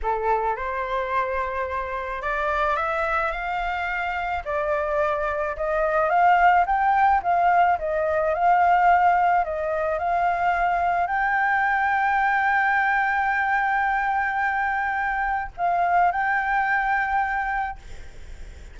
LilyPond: \new Staff \with { instrumentName = "flute" } { \time 4/4 \tempo 4 = 108 a'4 c''2. | d''4 e''4 f''2 | d''2 dis''4 f''4 | g''4 f''4 dis''4 f''4~ |
f''4 dis''4 f''2 | g''1~ | g''1 | f''4 g''2. | }